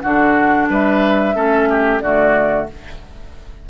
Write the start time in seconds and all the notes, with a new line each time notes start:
0.00 D3 D4 F#4 F#5
0.69 G3 B4 E5
1.35 A3 C#4 A4
1.69 G4
2.00 D3 A3 F#4 D5